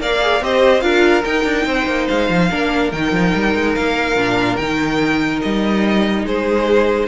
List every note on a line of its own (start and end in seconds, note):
0.00 0.41 A#3
0.00 0.21 A#4
0.00 0.43 D5
0.00 0.44 F5
0.21 0.42 G#4
0.41 0.82 C4
0.41 0.81 G4
0.41 0.83 C5
0.41 0.81 D#5
0.81 1.24 D4
0.81 1.23 F4
0.81 1.66 A#4
0.81 1.23 F5
1.25 1.44 D#4
1.25 2.50 D#4
1.25 2.08 G5
1.44 1.65 D4
1.66 1.87 C4
1.66 2.50 C5
1.87 2.07 A#3
2.08 2.30 G#3
2.08 2.91 F5
2.30 2.51 F3
2.50 2.92 A#3
2.50 2.92 D4
2.50 6.25 A#4
2.92 3.12 D#3
2.92 4.17 D#4
2.92 3.75 G5
3.12 3.33 F3
3.34 3.55 G3
3.55 3.76 G#3
3.75 4.16 A#3
3.75 4.56 F5
4.16 4.58 A#2
4.16 4.59 D4
4.56 5.41 D#3
4.56 7.08 D#4
4.56 5.40 G5
5.42 6.24 G3
5.42 6.25 D#5
6.24 7.08 G#3
6.24 7.08 G#4
6.24 7.08 C5